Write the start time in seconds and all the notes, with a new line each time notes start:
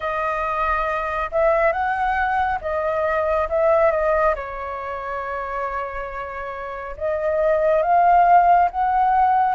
0.00 D#5
1.31 E5
1.72 F#5
2.61 D#5
3.49 E5
3.91 D#5
4.35 C#5
6.96 D#5
7.82 F5
8.70 F#5